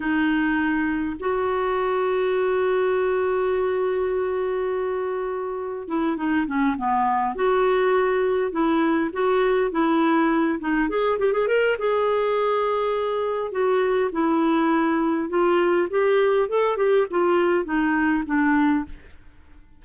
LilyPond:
\new Staff \with { instrumentName = "clarinet" } { \time 4/4 \tempo 4 = 102 dis'2 fis'2~ | fis'1~ | fis'2 e'8 dis'8 cis'8 b8~ | b8 fis'2 e'4 fis'8~ |
fis'8 e'4. dis'8 gis'8 g'16 gis'16 ais'8 | gis'2. fis'4 | e'2 f'4 g'4 | a'8 g'8 f'4 dis'4 d'4 | }